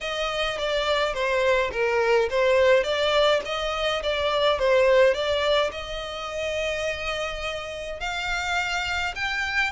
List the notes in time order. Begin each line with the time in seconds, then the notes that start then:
0.01 D#5
0.58 D5
1.14 C5
1.71 A#4
2.29 C5
2.83 D5
3.45 D#5
4.03 D5
4.58 C5
5.14 D5
5.71 D#5
7.99 F5
9.15 G5